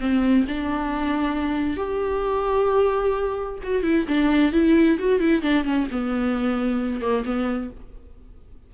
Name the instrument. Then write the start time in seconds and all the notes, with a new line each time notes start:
viola
0.00 C4
0.48 D4
1.77 G4
3.63 F#4
3.83 E4
4.08 D4
4.52 E4
4.99 F#4
5.20 E4
5.42 D4
5.64 C#4
5.91 B3
7.01 A#3
7.25 B3